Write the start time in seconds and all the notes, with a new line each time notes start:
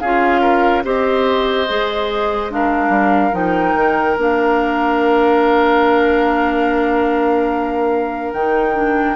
0.00 C#4 F4 G#4 F5
0.41 A#4
0.84 C4 G4 C5 D#5
1.68 G#3 G#4
2.50 D4 A#4 F5
2.89 G3
3.32 F3 D#4 G5
3.75 D#3
4.17 A#3 D4 F5
8.33 D#3 D#4 G5
8.74 D4